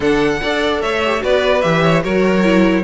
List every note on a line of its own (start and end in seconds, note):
0.00 0.40 D3
0.00 0.40 D4
0.00 0.40 A4
0.00 0.81 F#5
0.41 0.82 D4
0.41 1.03 A4
0.41 0.82 D5
0.81 1.22 A3
0.81 1.23 C#5
0.81 1.22 E5
1.05 1.20 G4
1.20 1.64 B3
1.20 1.61 F#4
1.20 1.82 B4
1.20 1.61 D5
1.61 2.04 E3
1.61 2.03 G4
1.61 2.02 E5
1.82 2.03 C#5
2.03 2.84 F#3
2.03 2.43 F#4
2.03 2.84 A#4
2.03 2.84 C#5
2.43 2.84 E4